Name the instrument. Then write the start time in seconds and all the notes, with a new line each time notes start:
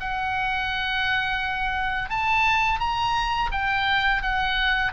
oboe
0.00 F#5
2.09 A5
2.79 A#5
3.51 G5
4.22 F#5